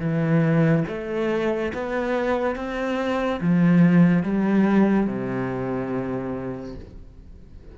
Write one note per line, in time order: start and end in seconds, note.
0.00 0.85 E3
0.88 1.72 A3
1.74 2.56 B3
2.56 3.40 C4
3.41 4.23 F3
4.23 5.07 G3
5.07 6.76 C3